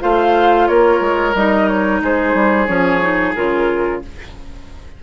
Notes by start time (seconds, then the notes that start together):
0.00 A3 F4 C5 F5
0.67 A#3 A#4 C#5
1.00 G#3
1.34 G3 D#4 D#5
1.68 C#5
2.00 G#3 G#4 C5
2.34 G3
2.67 F3 C#4 C#5
3.01 D#4
3.35 C#3 F4 A#4